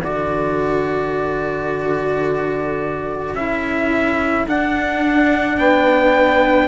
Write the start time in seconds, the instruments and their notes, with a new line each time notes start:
0.00 cello D3 F#4, saxophone A4, trumpet D5
3.35 cello C#4 E4, trumpet E5
4.48 cello D4, trumpet F#5
5.58 cello B3, saxophone B4, trumpet G5